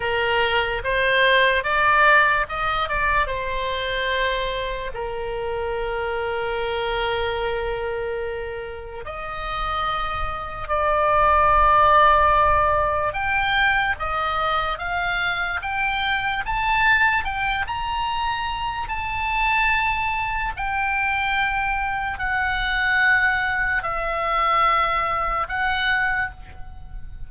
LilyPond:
\new Staff \with { instrumentName = "oboe" } { \time 4/4 \tempo 4 = 73 ais'4 c''4 d''4 dis''8 d''8 | c''2 ais'2~ | ais'2. dis''4~ | dis''4 d''2. |
g''4 dis''4 f''4 g''4 | a''4 g''8 ais''4. a''4~ | a''4 g''2 fis''4~ | fis''4 e''2 fis''4 | }